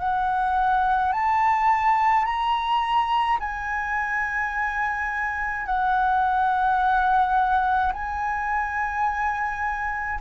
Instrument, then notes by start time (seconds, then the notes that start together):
flute
0.00 F#5
1.13 A5
2.25 A#5
3.40 G#5
5.67 F#5
7.93 G#5